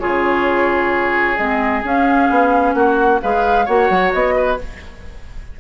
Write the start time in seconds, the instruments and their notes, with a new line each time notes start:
0.00 bassoon C#3, clarinet F4, oboe G#4, flute C#5
1.38 bassoon G#3, clarinet C4, flute D#5
1.83 clarinet C#4, bassoon C#4, flute F5
2.30 bassoon B3
2.74 bassoon A#3, oboe F#4, flute F#5
3.22 bassoon G#3, clarinet G#4, oboe B4, flute F5
3.66 bassoon A#3, clarinet F#4, oboe C#5, flute F#5
3.90 bassoon F#3
4.13 bassoon B3, flute D#5
4.36 oboe B4